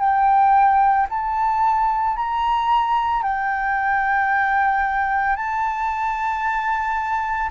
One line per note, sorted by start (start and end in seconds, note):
0.00 1.07 G5
1.10 2.16 A5
2.16 3.23 A#5
3.23 5.36 G5
5.36 7.50 A5